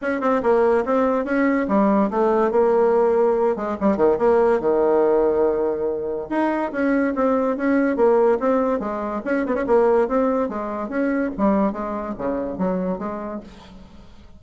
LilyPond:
\new Staff \with { instrumentName = "bassoon" } { \time 4/4 \tempo 4 = 143 cis'8 c'8 ais4 c'4 cis'4 | g4 a4 ais2~ | ais8 gis8 g8 dis8 ais4 dis4~ | dis2. dis'4 |
cis'4 c'4 cis'4 ais4 | c'4 gis4 cis'8 b16 cis'16 ais4 | c'4 gis4 cis'4 g4 | gis4 cis4 fis4 gis4 | }